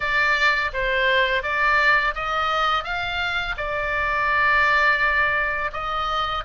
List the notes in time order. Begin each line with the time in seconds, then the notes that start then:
0.00 D5
0.73 C5
1.43 D5
2.15 D#5
2.83 F5
3.57 D5
5.72 D#5